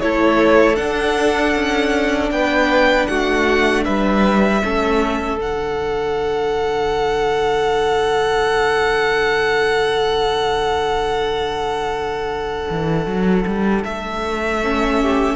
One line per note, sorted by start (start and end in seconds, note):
0.00 0.78 A3
0.00 0.75 E4
0.00 2.33 A4
0.00 0.76 C#5
0.75 4.60 D4
0.75 1.55 D4
0.75 2.30 F#5
1.55 2.30 C#4
2.30 3.07 B3
2.30 3.09 B4
2.30 3.06 G5
3.06 3.86 A3
3.06 3.84 F#4
3.06 3.83 F#5
3.84 4.62 G3
3.84 4.61 B4
3.84 5.38 E5
4.63 5.37 A3
4.63 5.37 C#4
4.63 15.01 A4
5.37 12.67 D3
5.37 14.60 D4
5.37 13.83 F#5
12.70 13.06 E3
13.06 13.44 F#3
13.46 13.84 G3
13.83 15.36 A3
13.83 15.36 E5
14.63 15.36 C#4
15.01 15.36 G4